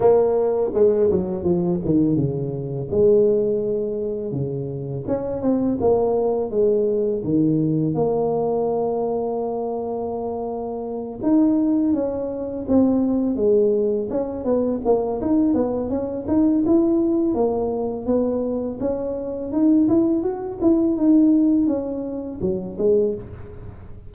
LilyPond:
\new Staff \with { instrumentName = "tuba" } { \time 4/4 \tempo 4 = 83 ais4 gis8 fis8 f8 dis8 cis4 | gis2 cis4 cis'8 c'8 | ais4 gis4 dis4 ais4~ | ais2.~ ais8 dis'8~ |
dis'8 cis'4 c'4 gis4 cis'8 | b8 ais8 dis'8 b8 cis'8 dis'8 e'4 | ais4 b4 cis'4 dis'8 e'8 | fis'8 e'8 dis'4 cis'4 fis8 gis8 | }